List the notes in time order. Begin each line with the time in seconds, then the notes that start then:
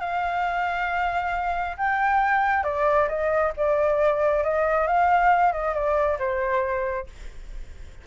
0.00 F5
1.77 G5
2.64 D5
3.08 D#5
3.57 D5
4.44 D#5
4.87 F5
5.52 D#5
5.74 D5
6.19 C5